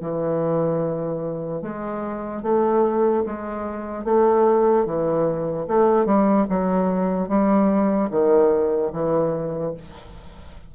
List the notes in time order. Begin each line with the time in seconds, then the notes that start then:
0.00 E3
1.61 G#3
2.42 A3
3.25 G#3
4.04 A3
4.85 E3
5.67 A3
6.05 G3
6.49 F#3
7.28 G3
8.10 D#3
8.92 E3